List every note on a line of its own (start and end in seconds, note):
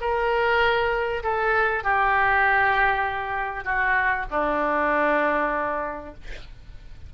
0.00 1.22 A#4
1.23 1.83 A4
1.83 3.64 G4
3.64 4.26 F#4
4.30 6.14 D4